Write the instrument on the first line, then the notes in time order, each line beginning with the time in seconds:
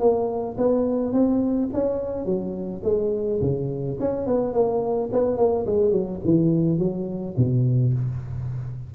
tuba
0.00 A#3
0.57 B3
1.13 C4
1.73 C#4
2.26 F#3
2.84 G#3
3.41 C#3
4.00 C#4
4.27 B3
4.53 A#3
5.12 B3
5.37 A#3
5.67 G#3
5.92 F#3
6.25 E3
6.79 F#3
7.37 B2